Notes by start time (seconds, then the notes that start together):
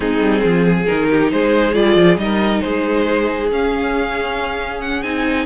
0.00 G#3 C4 D#4 G#4
0.20 G3
0.44 F3 F4
0.65 G#4
0.86 D#3 D#4 A#4
1.10 G4
1.31 G#3 G#4 C5
1.73 G3 F4 D5
1.95 F3
2.16 G3 D#4 A#4 D#5
2.60 G#3 G#4 C5
3.51 C#4 F5
4.81 F#5
5.02 C4 D#4 G#5